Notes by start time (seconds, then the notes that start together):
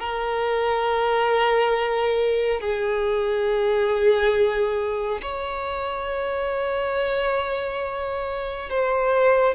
0.00 A#4
2.60 G#4
5.22 C#5
8.70 C5